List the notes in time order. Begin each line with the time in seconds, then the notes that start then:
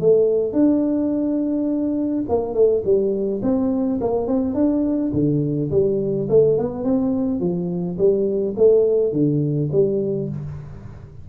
0.00 A3
0.53 D4
2.29 A#3
2.54 A3
2.84 G3
3.43 C4
4.01 A#3
4.27 C4
4.55 D4
5.13 D3
5.71 G3
6.29 A3
6.58 B3
6.84 C4
7.40 F3
7.98 G3
8.57 A3
9.12 D3
9.72 G3